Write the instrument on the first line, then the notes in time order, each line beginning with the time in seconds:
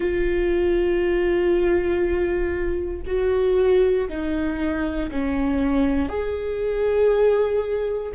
viola
0.00 F4
3.06 F#4
4.08 D#4
5.11 C#4
6.08 G#4